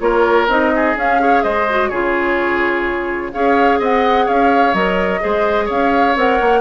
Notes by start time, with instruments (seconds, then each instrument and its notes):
0.00 bassoon A#3, clarinet F4, oboe A#4, flute C#5
0.48 bassoon C4, clarinet D#4, flute D#5
0.75 oboe G#4
0.97 bassoon C#4, clarinet C#4, flute F5
1.20 clarinet G#4, oboe C#5
1.43 bassoon G#3, oboe C5, flute D#5
1.70 clarinet F#4
1.89 bassoon C#3, clarinet F4, oboe G#4, flute C#5
3.33 bassoon C#4, clarinet G#4, oboe C#5, flute F5
3.79 bassoon C4, oboe D#5, flute F#5
4.26 bassoon C#4, oboe C#5, flute F5
4.74 bassoon F#3, clarinet A#4, flute D#5
5.21 bassoon G#3, clarinet G#4, oboe C5
5.65 bassoon C#4, oboe C#5, flute F5
6.16 bassoon C4, clarinet A#4, flute F#5
6.41 bassoon A#3